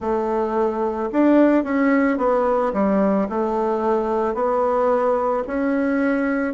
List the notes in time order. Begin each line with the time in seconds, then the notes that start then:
0.00 A3
1.12 D4
1.64 C#4
2.17 B3
2.73 G3
3.29 A3
4.34 B3
5.47 C#4